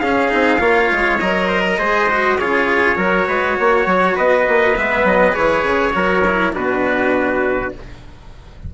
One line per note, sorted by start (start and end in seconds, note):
0.00 0.32 C#4
0.00 0.29 C#4
0.00 0.61 G#4
0.00 1.19 F5
0.29 0.61 C4
0.29 0.59 D#4
0.60 0.90 A#3
0.60 1.19 F4
0.60 1.48 C#5
0.92 1.21 G#3
1.20 1.79 F#3
1.20 1.79 A#4
1.20 2.39 D#5
1.48 1.63 C5
1.66 1.79 A#4
1.79 2.39 G#3
1.79 2.09 G#4
1.79 2.39 C5
2.10 2.39 F#4
2.39 2.97 C#3
2.39 2.96 F4
2.39 2.97 G#4
2.39 4.17 C#5
2.96 3.27 F#3
2.96 4.75 F#4
2.96 3.27 A#4
3.28 3.58 G#3
3.28 3.58 B4
3.60 3.87 A#3
3.60 4.16 C#5
3.87 4.16 F#3
4.16 4.48 B3
4.16 5.94 B4
4.16 4.77 D#5
4.48 4.78 A#3
4.76 5.05 G#3
4.76 5.33 B3
4.76 5.07 E5
5.05 5.34 F#3
5.05 5.35 D#5
5.33 5.63 E3
5.33 5.92 G#4
5.33 6.54 C#5
5.63 5.93 C#3
5.93 6.55 F#3
5.93 6.23 F#4
5.93 6.55 A#4
6.28 6.53 E4
6.53 7.74 B2
6.53 7.72 D4
6.53 7.74 F#4
6.53 7.74 B4